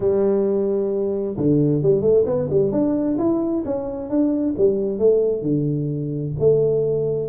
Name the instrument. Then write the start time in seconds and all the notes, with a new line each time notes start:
tuba
0.00 G3
1.37 D3
1.82 G3
2.01 A3
2.25 B3
2.50 G3
2.71 D4
3.18 E4
3.65 C#4
4.09 D4
4.57 G3
4.99 A3
5.42 D3
6.39 A3